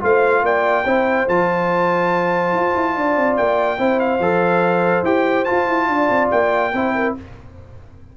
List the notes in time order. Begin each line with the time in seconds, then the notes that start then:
0.00 A3 F4 C5 F5
0.42 A#3 D5 G5
0.85 C4 E4 C5
1.28 F3 F4 A5
2.53 F4
2.74 E4
2.96 D4 D5
3.16 C4
3.37 A#3 G5
3.78 C4 E4 C5
3.99 F5
4.19 F3 A4
5.03 E4 G4 G5
5.44 F4 A5
5.51 F4
5.67 E4
5.88 D4 D5
6.09 C4
6.31 A#3 G5
6.73 C4 E4 C5
6.95 A#4